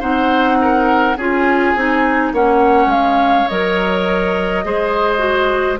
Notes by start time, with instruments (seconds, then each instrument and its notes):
0.00 bassoon C4, clarinet D#4, oboe C5, flute F#5
0.62 oboe A#4
1.17 bassoon C#4, clarinet F4, oboe G#4, flute G#5
1.75 bassoon C4, clarinet D#4
2.33 bassoon A#3, clarinet C#4, oboe C#5, flute F#5
2.87 bassoon G#3, flute F5
3.48 bassoon F#3, clarinet A#4, flute D#5
4.64 bassoon G#3, clarinet G#4, oboe C5
5.19 clarinet F#4